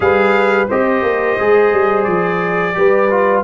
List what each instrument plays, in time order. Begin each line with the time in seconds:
0.00 tuba G3, trombone G#4, horn B4, trumpet F5
0.68 tuba C4, trombone G4, horn C5, trumpet D#5
1.02 tuba A#3
1.39 tuba G#3, trombone G#4
1.73 tuba G3
2.03 tuba F3, trumpet D5
2.74 tuba G3, trombone G4, horn B4
3.10 trombone F4